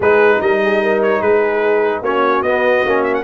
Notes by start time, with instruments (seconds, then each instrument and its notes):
0.00 tuba G#3, trombone D#4, horn G#4, trumpet B4
0.40 tuba G3, horn A#4, trumpet D#5
0.63 horn G#4
0.82 horn A#4
1.02 trumpet C#5
1.21 tuba G#3, horn G#4, trumpet B4
2.01 tuba A#3, trombone C#4, horn F#4, trumpet C#5
2.42 tuba B3, trombone B3, trumpet D#5
2.84 tuba A#3, trombone C#4
3.03 trumpet E5
3.14 trumpet F#5